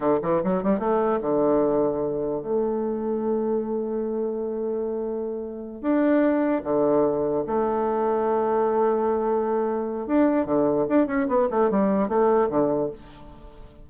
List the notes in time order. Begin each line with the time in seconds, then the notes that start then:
0.00 D3
0.22 E3
0.43 F#3
0.63 G3
0.79 A3
1.21 D3
2.42 A3
5.81 D4
6.63 D3
7.47 A3
10.06 D4
10.45 D3
10.88 D4
11.06 C#4
11.28 B3
11.50 A3
11.70 G3
12.08 A3
12.49 D3